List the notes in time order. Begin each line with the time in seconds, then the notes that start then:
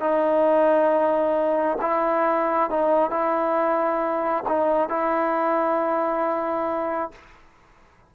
0.00 D#4
1.81 E4
2.70 D#4
3.11 E4
4.48 D#4
4.89 E4